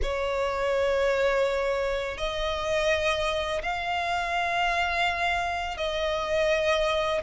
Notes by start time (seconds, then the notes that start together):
0.02 C#5
2.17 D#5
3.62 F5
5.77 D#5